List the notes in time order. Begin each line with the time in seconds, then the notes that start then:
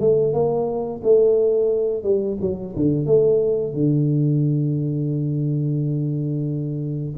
0.00 A3
0.33 A#3
1.03 A3
2.03 G3
2.41 F#3
2.76 D3
3.06 A3
3.73 D3